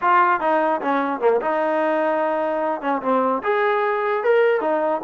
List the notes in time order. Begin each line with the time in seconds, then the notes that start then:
0.01 F4
0.40 D#4
0.81 C#4
1.20 A#3
1.41 D#4
2.81 C#4
3.02 C4
3.43 G#4
4.23 A#4
4.61 D#4